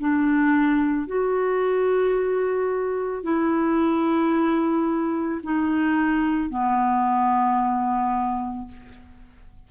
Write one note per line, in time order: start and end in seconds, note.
0.00 1.07 D4
1.07 3.24 F#4
3.24 5.42 E4
5.44 6.50 D#4
6.50 8.68 B3